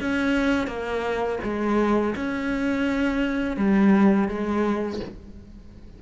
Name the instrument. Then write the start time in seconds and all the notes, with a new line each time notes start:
cello
0.00 C#4
0.67 A#3
1.43 G#3
2.15 C#4
3.57 G3
4.28 G#3